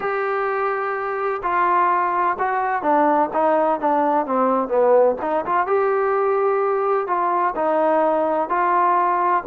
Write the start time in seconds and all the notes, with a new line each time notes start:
0.00 G4
1.42 F4
2.38 F#4
2.82 D4
3.33 D#4
3.80 D4
4.26 C4
4.68 B3
5.21 D#4
5.45 F4
5.66 G4
7.07 F4
7.55 D#4
8.49 F4